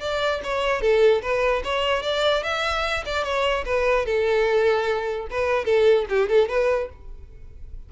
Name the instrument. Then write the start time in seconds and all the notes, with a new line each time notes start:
violin
0.00 D5
0.43 C#5
0.81 A4
1.22 B4
1.64 C#5
2.02 D5
2.43 E5
3.05 D5
3.24 C#5
3.65 B4
4.06 A4
5.30 B4
5.65 A4
6.09 G4
6.29 A4
6.49 B4